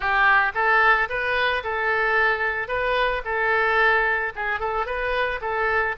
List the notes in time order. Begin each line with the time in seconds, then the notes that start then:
0.00 G4
0.54 A4
1.09 B4
1.63 A4
2.68 B4
3.24 A4
4.35 G#4
4.59 A4
4.86 B4
5.41 A4